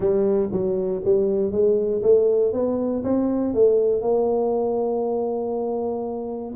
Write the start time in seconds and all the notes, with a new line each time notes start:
0.00 G3
0.52 F#3
1.05 G3
1.51 G#3
2.02 A3
2.52 B3
3.03 C4
3.53 A3
4.01 A#3